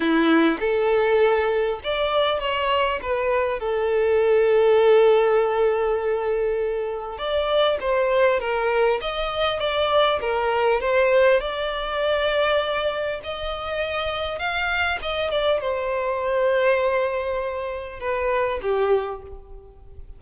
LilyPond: \new Staff \with { instrumentName = "violin" } { \time 4/4 \tempo 4 = 100 e'4 a'2 d''4 | cis''4 b'4 a'2~ | a'1 | d''4 c''4 ais'4 dis''4 |
d''4 ais'4 c''4 d''4~ | d''2 dis''2 | f''4 dis''8 d''8 c''2~ | c''2 b'4 g'4 | }